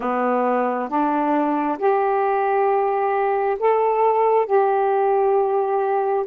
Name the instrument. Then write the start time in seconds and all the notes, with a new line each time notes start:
saxophone
0.00 B3
0.88 D4
1.78 G4
3.59 A4
4.45 G4